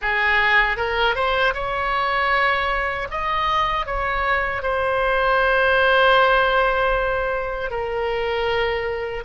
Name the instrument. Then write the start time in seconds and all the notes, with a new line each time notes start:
oboe
0.01 G#4
0.77 A#4
1.15 C5
1.54 C#5
3.10 D#5
3.85 C#5
4.62 C5
7.70 A#4